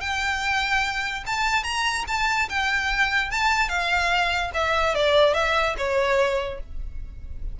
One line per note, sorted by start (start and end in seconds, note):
0.00 1.23 G5
1.26 1.63 A5
1.63 2.04 A#5
2.07 2.48 A5
2.49 3.31 G5
3.31 3.68 A5
3.68 4.51 F5
4.54 4.94 E5
4.94 5.34 D5
5.34 5.75 E5
5.77 6.60 C#5